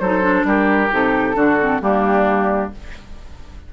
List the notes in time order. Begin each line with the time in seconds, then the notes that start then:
0.00 F#3 D#4 A4 C5
0.22 D4
0.44 G3 G4 A#4
0.92 C3 D#4 A4
1.34 D3 D4 F#4
1.61 C4
1.81 G3 A#3 D4 G4